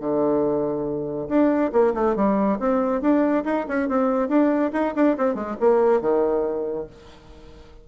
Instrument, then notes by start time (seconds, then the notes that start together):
bassoon
0.00 D3
1.29 D4
1.73 A#3
1.94 A3
2.16 G3
2.60 C4
3.02 D4
3.45 D#4
3.68 C#4
3.89 C4
4.29 D4
4.73 D#4
4.96 D4
5.18 C4
5.35 G#3
5.60 A#3
6.01 D#3